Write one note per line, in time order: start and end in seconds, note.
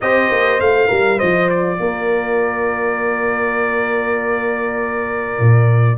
0.01 0.30 C4
0.01 0.60 G4
0.01 0.87 C5
0.01 0.60 D#5
0.30 0.60 A#3
0.60 0.90 A3
0.60 5.98 F4
0.60 1.19 F5
0.87 1.20 G3
0.87 1.17 A#4
1.17 1.79 F3
1.17 1.77 C5
1.17 1.49 D#5
1.49 5.98 D5
1.79 5.39 A#3
1.79 5.98 A#4
5.39 5.98 A#2